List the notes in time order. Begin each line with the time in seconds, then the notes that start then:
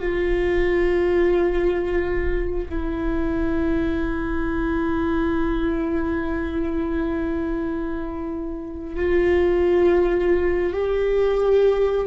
0.00 F4
2.69 E4
8.96 F4
10.74 G4